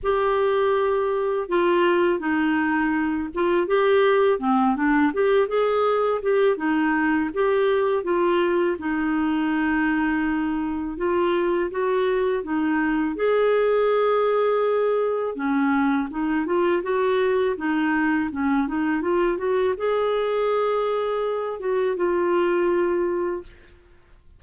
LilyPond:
\new Staff \with { instrumentName = "clarinet" } { \time 4/4 \tempo 4 = 82 g'2 f'4 dis'4~ | dis'8 f'8 g'4 c'8 d'8 g'8 gis'8~ | gis'8 g'8 dis'4 g'4 f'4 | dis'2. f'4 |
fis'4 dis'4 gis'2~ | gis'4 cis'4 dis'8 f'8 fis'4 | dis'4 cis'8 dis'8 f'8 fis'8 gis'4~ | gis'4. fis'8 f'2 | }